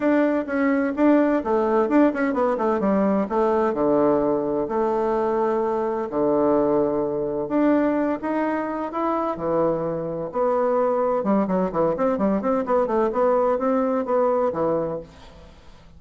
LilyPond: \new Staff \with { instrumentName = "bassoon" } { \time 4/4 \tempo 4 = 128 d'4 cis'4 d'4 a4 | d'8 cis'8 b8 a8 g4 a4 | d2 a2~ | a4 d2. |
d'4. dis'4. e'4 | e2 b2 | g8 fis8 e8 c'8 g8 c'8 b8 a8 | b4 c'4 b4 e4 | }